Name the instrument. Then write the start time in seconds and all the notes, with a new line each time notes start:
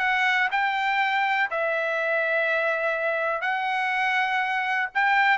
trumpet
0.00 F#5
0.52 G5
1.51 E5
3.42 F#5
4.95 G5